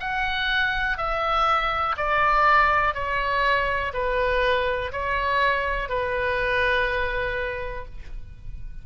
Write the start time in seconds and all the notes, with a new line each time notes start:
0.00 F#5
0.97 E5
1.97 D5
2.94 C#5
3.93 B4
4.93 C#5
5.89 B4